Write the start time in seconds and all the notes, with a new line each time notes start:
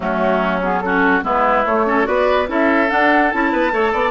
0.00 F#3 A3 C#4 F#4
0.62 B3 G#4
0.80 C#4 F#4 A4
1.22 G#3 B3 E4 B4
1.65 A3 C#5
1.85 C#4 A4
2.04 B3 F#4 B4 D5
2.47 C#4 E4 A4 E5
2.88 D4 F#5
3.31 C#4 E4 A5
3.51 B3 B4
3.71 A3 A4 C#5
3.92 B3 D5